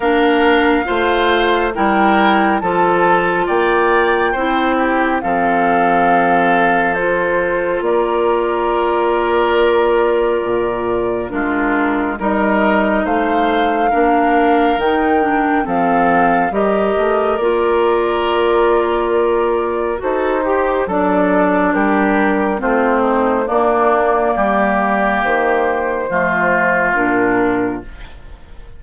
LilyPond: <<
  \new Staff \with { instrumentName = "flute" } { \time 4/4 \tempo 4 = 69 f''2 g''4 a''4 | g''2 f''2 | c''4 d''2.~ | d''4 ais'4 dis''4 f''4~ |
f''4 g''4 f''4 dis''4 | d''2. c''4 | d''4 ais'4 c''4 d''4~ | d''4 c''2 ais'4 | }
  \new Staff \with { instrumentName = "oboe" } { \time 4/4 ais'4 c''4 ais'4 a'4 | d''4 c''8 g'8 a'2~ | a'4 ais'2.~ | ais'4 f'4 ais'4 c''4 |
ais'2 a'4 ais'4~ | ais'2. a'8 g'8 | a'4 g'4 f'8 dis'8 d'4 | g'2 f'2 | }
  \new Staff \with { instrumentName = "clarinet" } { \time 4/4 d'4 f'4 e'4 f'4~ | f'4 e'4 c'2 | f'1~ | f'4 d'4 dis'2 |
d'4 dis'8 d'8 c'4 g'4 | f'2. fis'8 g'8 | d'2 c'4 ais4~ | ais2 a4 d'4 | }
  \new Staff \with { instrumentName = "bassoon" } { \time 4/4 ais4 a4 g4 f4 | ais4 c'4 f2~ | f4 ais2. | ais,4 gis4 g4 a4 |
ais4 dis4 f4 g8 a8 | ais2. dis'4 | fis4 g4 a4 ais4 | g4 dis4 f4 ais,4 | }
>>